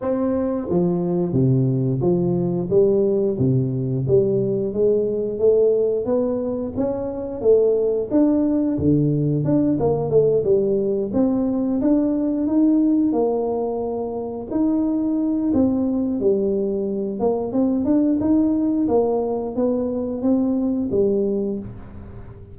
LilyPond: \new Staff \with { instrumentName = "tuba" } { \time 4/4 \tempo 4 = 89 c'4 f4 c4 f4 | g4 c4 g4 gis4 | a4 b4 cis'4 a4 | d'4 d4 d'8 ais8 a8 g8~ |
g8 c'4 d'4 dis'4 ais8~ | ais4. dis'4. c'4 | g4. ais8 c'8 d'8 dis'4 | ais4 b4 c'4 g4 | }